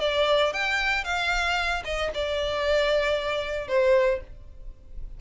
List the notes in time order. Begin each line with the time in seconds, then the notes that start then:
0.00 D5
0.53 G5
1.04 F5
1.84 D#5
2.14 D5
3.67 C5